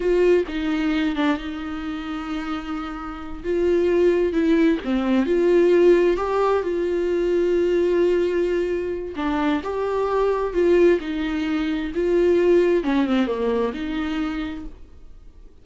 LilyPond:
\new Staff \with { instrumentName = "viola" } { \time 4/4 \tempo 4 = 131 f'4 dis'4. d'8 dis'4~ | dis'2.~ dis'8 f'8~ | f'4. e'4 c'4 f'8~ | f'4. g'4 f'4.~ |
f'1 | d'4 g'2 f'4 | dis'2 f'2 | cis'8 c'8 ais4 dis'2 | }